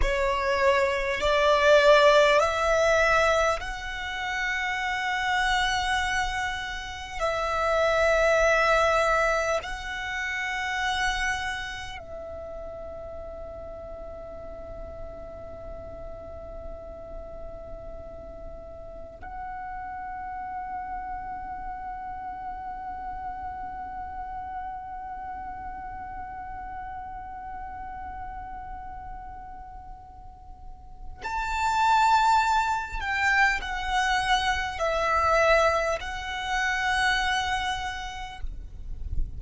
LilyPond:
\new Staff \with { instrumentName = "violin" } { \time 4/4 \tempo 4 = 50 cis''4 d''4 e''4 fis''4~ | fis''2 e''2 | fis''2 e''2~ | e''1 |
fis''1~ | fis''1~ | fis''2 a''4. g''8 | fis''4 e''4 fis''2 | }